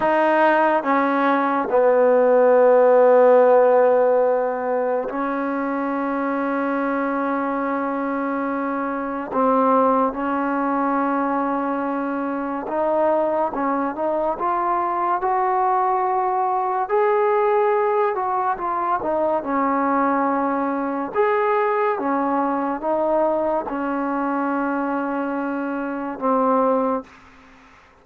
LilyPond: \new Staff \with { instrumentName = "trombone" } { \time 4/4 \tempo 4 = 71 dis'4 cis'4 b2~ | b2 cis'2~ | cis'2. c'4 | cis'2. dis'4 |
cis'8 dis'8 f'4 fis'2 | gis'4. fis'8 f'8 dis'8 cis'4~ | cis'4 gis'4 cis'4 dis'4 | cis'2. c'4 | }